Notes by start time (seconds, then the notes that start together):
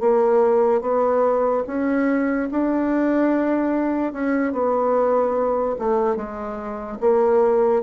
0.00 A#3
0.82 B3
1.67 C#4
2.51 D4
4.13 C#4
4.52 B3
5.79 A3
6.16 G#3
7.00 A#3